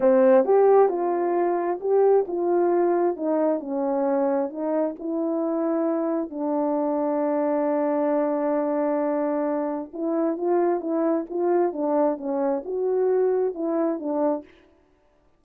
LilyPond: \new Staff \with { instrumentName = "horn" } { \time 4/4 \tempo 4 = 133 c'4 g'4 f'2 | g'4 f'2 dis'4 | cis'2 dis'4 e'4~ | e'2 d'2~ |
d'1~ | d'2 e'4 f'4 | e'4 f'4 d'4 cis'4 | fis'2 e'4 d'4 | }